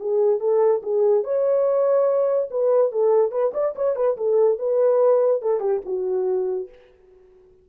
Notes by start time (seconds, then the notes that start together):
0.00 G#4
0.40 A4
0.83 G#4
1.24 C#5
2.50 B4
2.92 A4
3.31 B4
3.54 D5
3.75 C#5
3.96 B4
4.17 A4
4.59 B4
5.42 A4
5.60 G4
5.85 F#4